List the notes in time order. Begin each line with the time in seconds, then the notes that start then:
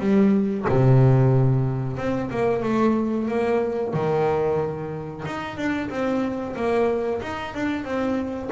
0.00 G3
0.69 C3
1.98 C4
2.31 A#3
2.63 A3
3.28 A#3
3.94 D#3
5.26 D#4
5.58 D4
5.90 C4
6.57 A#3
7.22 D#4
7.55 D4
7.85 C4